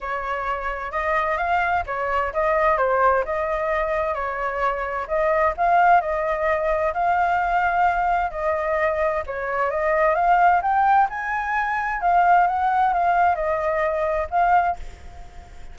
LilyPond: \new Staff \with { instrumentName = "flute" } { \time 4/4 \tempo 4 = 130 cis''2 dis''4 f''4 | cis''4 dis''4 c''4 dis''4~ | dis''4 cis''2 dis''4 | f''4 dis''2 f''4~ |
f''2 dis''2 | cis''4 dis''4 f''4 g''4 | gis''2 f''4 fis''4 | f''4 dis''2 f''4 | }